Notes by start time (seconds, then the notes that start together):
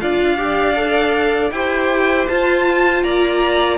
0.00 D4 F4 D5 F5
0.37 G4
0.75 A4
1.51 E4 G4 C5 G5
2.28 F4 A5
3.03 A#3 D5 A#5